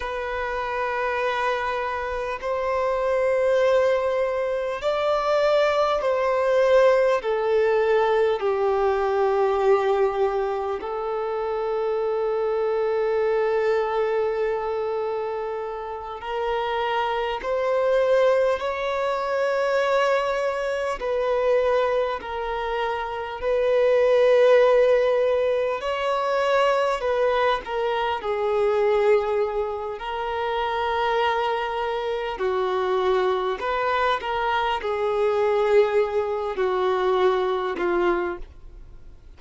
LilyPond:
\new Staff \with { instrumentName = "violin" } { \time 4/4 \tempo 4 = 50 b'2 c''2 | d''4 c''4 a'4 g'4~ | g'4 a'2.~ | a'4. ais'4 c''4 cis''8~ |
cis''4. b'4 ais'4 b'8~ | b'4. cis''4 b'8 ais'8 gis'8~ | gis'4 ais'2 fis'4 | b'8 ais'8 gis'4. fis'4 f'8 | }